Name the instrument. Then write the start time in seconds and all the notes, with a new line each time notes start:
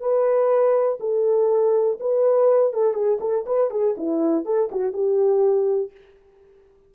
horn
0.00 B4
1.00 A4
2.00 B4
2.73 A4
2.94 G#4
3.21 A4
3.46 B4
3.71 G#4
3.97 E4
4.45 A4
4.72 F#4
4.93 G4